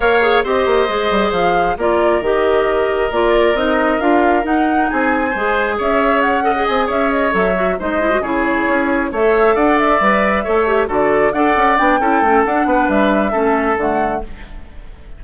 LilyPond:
<<
  \new Staff \with { instrumentName = "flute" } { \time 4/4 \tempo 4 = 135 f''4 dis''2 f''4 | d''4 dis''2 d''4 | dis''4 f''4 fis''4 gis''4~ | gis''4 e''4 fis''4 gis''8 e''8 |
dis''8 e''4 dis''4 cis''4.~ | cis''8 e''4 fis''8 e''2~ | e''8 d''4 fis''4 g''4. | fis''4 e''2 fis''4 | }
  \new Staff \with { instrumentName = "oboe" } { \time 4/4 cis''4 c''2. | ais'1~ | ais'2. gis'4 | c''4 cis''4. dis''4 cis''8~ |
cis''4. c''4 gis'4.~ | gis'8 cis''4 d''2 cis''8~ | cis''8 a'4 d''4. a'4~ | a'8 b'4. a'2 | }
  \new Staff \with { instrumentName = "clarinet" } { \time 4/4 ais'8 gis'8 g'4 gis'2 | f'4 g'2 f'4 | dis'4 f'4 dis'2 | gis'2~ gis'8 a'16 gis'4~ gis'16~ |
gis'8 a'8 fis'8 dis'8 e'16 fis'16 e'4.~ | e'8 a'2 b'4 a'8 | g'8 fis'4 a'4 d'8 e'8 cis'8 | d'2 cis'4 a4 | }
  \new Staff \with { instrumentName = "bassoon" } { \time 4/4 ais4 c'8 ais8 gis8 g8 f4 | ais4 dis2 ais4 | c'4 d'4 dis'4 c'4 | gis4 cis'2 c'8 cis'8~ |
cis'8 fis4 gis4 cis4 cis'8~ | cis'8 a4 d'4 g4 a8~ | a8 d4 d'8 cis'8 b8 cis'8 a8 | d'8 b8 g4 a4 d4 | }
>>